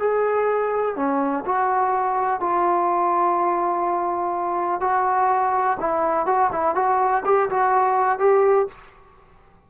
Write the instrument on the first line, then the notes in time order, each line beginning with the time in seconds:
trombone
0.00 G#4
0.96 C#4
1.46 F#4
2.41 F4
4.81 F#4
5.80 E4
6.27 F#4
6.53 E4
6.76 F#4
7.26 G4
7.50 F#4
8.20 G4